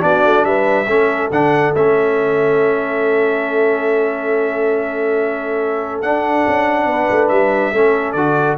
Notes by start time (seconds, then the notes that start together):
0.00 B3 D4 F#4 D5
0.25 A3
0.44 G3 B4 E5
0.87 A3 C#4 A4
1.32 D3 D4 F#5
1.76 A3 C#4 E5
6.02 D4 F#5
6.48 C#4
6.86 B3 B4
7.11 A3
7.29 G3 E5
7.73 A3 C#4 A4
8.13 D3 F#4 D5